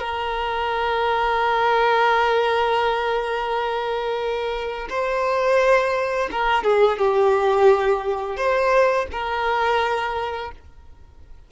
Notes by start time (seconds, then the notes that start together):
0.00 A#4
4.90 C5
6.32 A#4
6.64 G#4
6.99 G4
8.37 C5
9.12 A#4